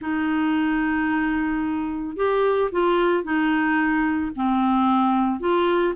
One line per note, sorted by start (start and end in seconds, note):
0.01 2.16 D#4
2.16 2.70 G4
2.71 3.23 F4
3.23 4.31 D#4
4.35 5.40 C4
5.40 5.94 F4